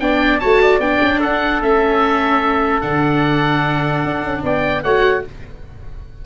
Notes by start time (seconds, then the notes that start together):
0.00 B3 D4 D5 G5
0.39 A3 F#4 C#5 A5
0.62 D5
0.79 B3 D4 G5
1.02 C#4
1.20 D4 A4 F#5
1.62 A3 C#4 E5
2.81 D3 D4 F#5
4.04 D4
4.23 C#4
4.44 B3 D5 G5
4.83 A3 F#4 C#5 F#5